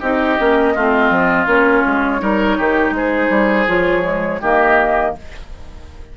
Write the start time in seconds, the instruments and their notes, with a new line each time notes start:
0.00 bassoon C4, clarinet D#4, oboe G4, flute D#5
0.39 bassoon A#3, clarinet C#4
0.75 bassoon A3, clarinet C4, oboe F4
1.09 bassoon F3
1.46 bassoon A#3, clarinet C#4, flute C#5
1.86 bassoon G#3
2.20 bassoon G3, clarinet D#4, oboe A#4
2.57 bassoon D#3, oboe G4
2.91 bassoon G#3, oboe G#4, flute C5
3.29 bassoon G3
3.68 bassoon F3, clarinet F4, flute C#5
4.02 clarinet G#3
4.41 bassoon D#3, clarinet A#3, oboe G4, flute D#5